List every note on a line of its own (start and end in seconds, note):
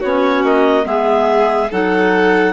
0.00 0.44 B3
0.00 0.83 C#4
0.00 0.85 F#4
0.00 0.44 C#5
0.44 0.85 A#3
0.44 0.86 D#5
0.83 1.70 G#3
0.83 1.67 B3
0.83 1.71 G#4
0.83 1.71 E5
1.71 2.53 F#3
1.71 2.53 D#4
1.71 2.53 A4
1.71 2.53 F#5